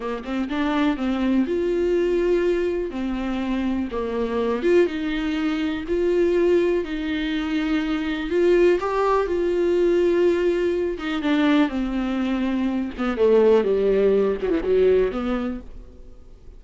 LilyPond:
\new Staff \with { instrumentName = "viola" } { \time 4/4 \tempo 4 = 123 ais8 c'8 d'4 c'4 f'4~ | f'2 c'2 | ais4. f'8 dis'2 | f'2 dis'2~ |
dis'4 f'4 g'4 f'4~ | f'2~ f'8 dis'8 d'4 | c'2~ c'8 b8 a4 | g4. fis16 e16 fis4 b4 | }